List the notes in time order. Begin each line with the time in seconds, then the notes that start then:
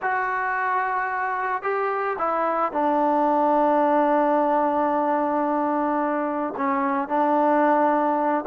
0.01 F#4
1.62 G4
2.18 E4
2.72 D4
6.56 C#4
7.08 D4